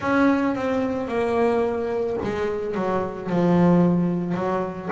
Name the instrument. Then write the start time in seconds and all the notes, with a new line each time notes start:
double bass
0.00 C#4
0.55 C4
1.08 A#3
2.23 G#3
2.75 F#3
3.29 F3
4.34 F#3